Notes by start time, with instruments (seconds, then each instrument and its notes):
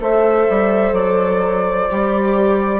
0.00 bassoon A3, viola A4, horn C5, flute E5
0.50 bassoon G3
0.93 bassoon F#3, flute D5
1.91 bassoon G3, viola G4